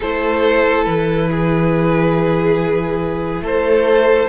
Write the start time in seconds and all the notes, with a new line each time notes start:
0.00 A3 E4 A4 C5
0.84 E3 B4
1.30 G#4
3.41 A3 A4 C5